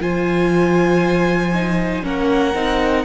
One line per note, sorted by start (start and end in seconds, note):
0.00 2.03 F3
0.00 1.53 F4
0.00 2.04 C5
0.00 2.06 G#5
1.54 2.03 D#4
2.03 2.55 A#3
2.03 2.53 C#4
2.03 3.05 A#4
2.03 3.05 F#5
2.55 3.05 C4
2.55 3.05 D#4